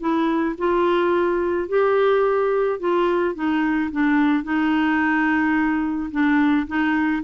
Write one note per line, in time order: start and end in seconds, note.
0.00 0.56 E4
0.58 1.68 F4
1.68 2.80 G4
2.80 3.35 F4
3.35 3.91 D#4
3.92 4.44 D4
4.44 6.11 D#4
6.11 6.67 D4
6.67 7.23 D#4